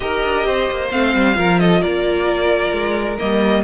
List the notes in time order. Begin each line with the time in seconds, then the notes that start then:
0.00 D#4 G4 A#4 D#5
0.24 D4
0.46 C4 C5
0.70 A#3
0.91 A3 C4 F5
1.14 G3
1.34 F3 F4 A#4
1.59 A4 D#5
1.80 A#3 A#4 D5
2.72 G#3
3.18 G3 A#3 D#5